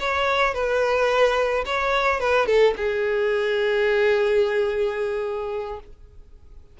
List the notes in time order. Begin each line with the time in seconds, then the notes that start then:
0.00 C#5
0.55 B4
1.66 C#5
2.20 B4
2.47 A4
2.77 G#4